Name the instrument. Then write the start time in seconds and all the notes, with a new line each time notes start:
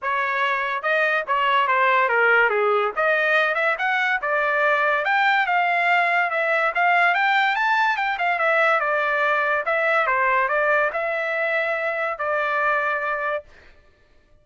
trumpet
0.02 C#5
0.82 D#5
1.27 C#5
1.67 C5
2.08 A#4
2.49 G#4
2.96 D#5
3.55 E5
3.78 F#5
4.21 D5
5.04 G5
5.46 F5
6.30 E5
6.74 F5
7.14 G5
7.55 A5
7.96 G5
8.18 F5
8.38 E5
8.80 D5
9.65 E5
10.06 C5
10.48 D5
10.92 E5
12.18 D5